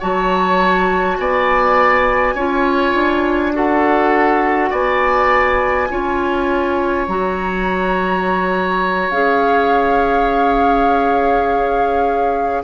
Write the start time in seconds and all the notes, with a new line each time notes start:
0.00 F#3 F#4 C#5 A5
1.19 B3 D5 G#5
2.34 C#4 F4 C#5
2.94 D4
3.53 F#4 A4 F#5
4.71 B3 D5 G#5
5.90 C#4 F4 C#5
7.08 F#3 F#4 A#5
9.10 C#4 G#4 F5